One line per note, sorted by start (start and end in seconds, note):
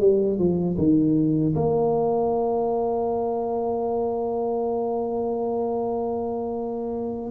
0.00 0.38 G3
0.38 0.77 F3
0.78 1.55 D#3
1.55 7.31 A#3